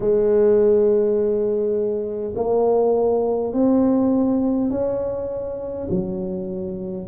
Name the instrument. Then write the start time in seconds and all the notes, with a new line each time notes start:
tuba
0.00 G#3
2.35 A#3
3.53 C4
4.70 C#4
5.90 F#3